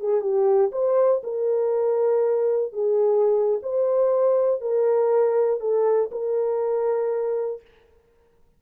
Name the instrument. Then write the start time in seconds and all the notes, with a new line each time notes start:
horn
0.00 G#4
0.21 G4
0.72 C5
1.23 A#4
2.73 G#4
3.63 C5
4.61 A#4
5.60 A4
6.11 A#4